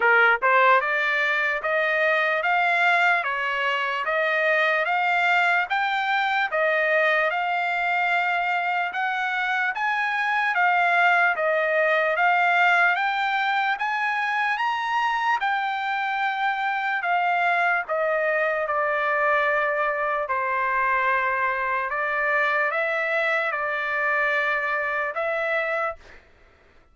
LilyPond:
\new Staff \with { instrumentName = "trumpet" } { \time 4/4 \tempo 4 = 74 ais'8 c''8 d''4 dis''4 f''4 | cis''4 dis''4 f''4 g''4 | dis''4 f''2 fis''4 | gis''4 f''4 dis''4 f''4 |
g''4 gis''4 ais''4 g''4~ | g''4 f''4 dis''4 d''4~ | d''4 c''2 d''4 | e''4 d''2 e''4 | }